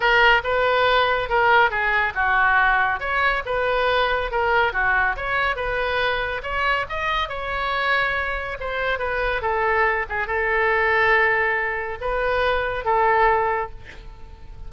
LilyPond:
\new Staff \with { instrumentName = "oboe" } { \time 4/4 \tempo 4 = 140 ais'4 b'2 ais'4 | gis'4 fis'2 cis''4 | b'2 ais'4 fis'4 | cis''4 b'2 cis''4 |
dis''4 cis''2. | c''4 b'4 a'4. gis'8 | a'1 | b'2 a'2 | }